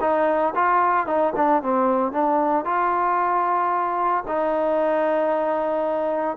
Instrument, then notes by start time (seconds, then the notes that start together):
trombone
0.00 D#4
0.55 F4
1.06 D#4
1.35 D4
1.62 C4
2.12 D4
2.65 F4
4.27 D#4